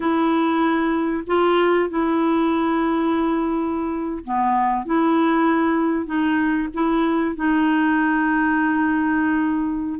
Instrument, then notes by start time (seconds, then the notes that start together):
clarinet
0.00 E4
1.27 F4
1.89 E4
4.24 B3
4.85 E4
6.06 D#4
6.74 E4
7.35 D#4